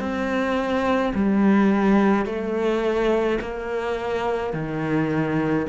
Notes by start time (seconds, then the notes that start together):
0.00 C4
1.15 G3
2.26 A3
3.41 A#3
4.53 D#3